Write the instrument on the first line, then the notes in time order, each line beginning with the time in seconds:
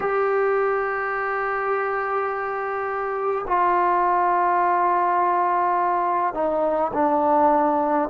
trombone
0.00 G4
3.47 F4
6.34 D#4
6.93 D4